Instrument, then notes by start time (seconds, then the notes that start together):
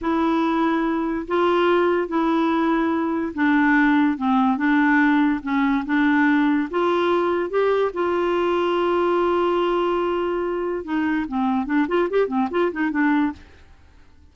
clarinet
0.01 E4
1.27 F4
2.08 E4
3.34 D4
4.17 C4
4.57 D4
5.42 C#4
5.85 D4
6.70 F4
7.49 G4
7.93 F4
10.84 D#4
11.28 C4
11.66 D4
11.87 F4
12.10 G4
12.27 C4
12.50 F4
12.71 D#4
12.90 D4